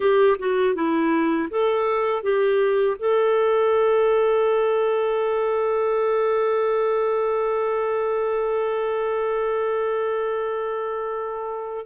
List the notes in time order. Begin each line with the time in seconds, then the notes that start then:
0.00 G4
0.38 F#4
0.74 E4
1.49 A4
2.22 G4
2.98 A4